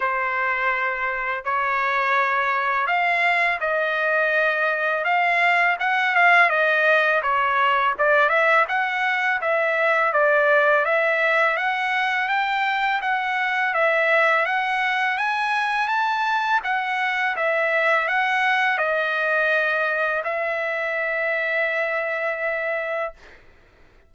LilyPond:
\new Staff \with { instrumentName = "trumpet" } { \time 4/4 \tempo 4 = 83 c''2 cis''2 | f''4 dis''2 f''4 | fis''8 f''8 dis''4 cis''4 d''8 e''8 | fis''4 e''4 d''4 e''4 |
fis''4 g''4 fis''4 e''4 | fis''4 gis''4 a''4 fis''4 | e''4 fis''4 dis''2 | e''1 | }